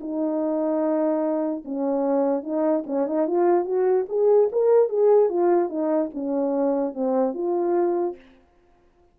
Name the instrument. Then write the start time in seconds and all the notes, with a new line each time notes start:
horn
0.00 D#4
1.65 C#4
2.43 D#4
2.86 C#4
3.06 D#4
3.27 F4
3.64 F#4
4.08 G#4
4.52 A#4
4.89 G#4
5.29 F4
5.69 D#4
6.14 C#4
6.94 C4
7.34 F4